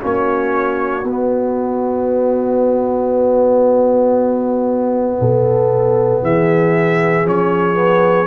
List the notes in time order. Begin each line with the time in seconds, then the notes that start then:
0.00 A#3 C#4 F#4 C#5
1.04 B3 D#5
5.20 B2 A4
6.22 E3 G#4 E5
7.25 F3 C#4 C#5
7.74 B3